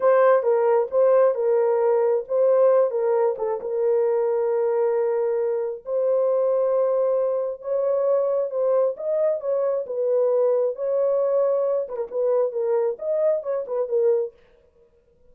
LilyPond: \new Staff \with { instrumentName = "horn" } { \time 4/4 \tempo 4 = 134 c''4 ais'4 c''4 ais'4~ | ais'4 c''4. ais'4 a'8 | ais'1~ | ais'4 c''2.~ |
c''4 cis''2 c''4 | dis''4 cis''4 b'2 | cis''2~ cis''8 b'16 ais'16 b'4 | ais'4 dis''4 cis''8 b'8 ais'4 | }